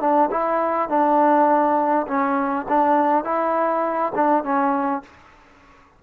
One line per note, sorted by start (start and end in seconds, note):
0.00 0.29 D4
0.31 0.89 E4
0.89 2.07 D4
2.07 2.66 C#4
2.69 3.24 D4
3.24 4.12 E4
4.15 4.44 D4
4.44 5.02 C#4